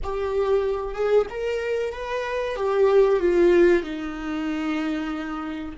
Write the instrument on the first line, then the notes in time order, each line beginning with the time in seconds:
viola
0.03 G4
0.94 G#4
1.29 A#4
1.93 B4
2.56 G4
3.19 F4
3.83 D#4